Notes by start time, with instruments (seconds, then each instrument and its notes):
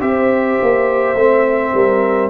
0.00 tuba C4, trombone G4, horn C5, trumpet E5
0.62 tuba A#3
1.13 tuba A3, trombone C4
1.74 tuba G3, horn A#4